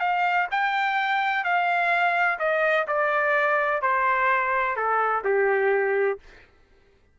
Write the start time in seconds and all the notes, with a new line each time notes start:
0.00 F5
0.51 G5
1.44 F5
2.39 D#5
2.88 D5
3.82 C5
4.76 A4
5.24 G4